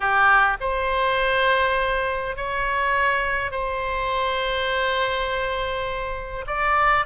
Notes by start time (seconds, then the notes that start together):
0.00 G4
0.60 C5
2.36 C#5
3.51 C5
6.46 D5